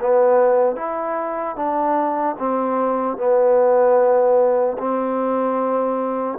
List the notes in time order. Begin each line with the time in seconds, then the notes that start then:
0.00 B3
0.76 E4
1.56 D4
2.39 C4
3.17 B3
4.78 C4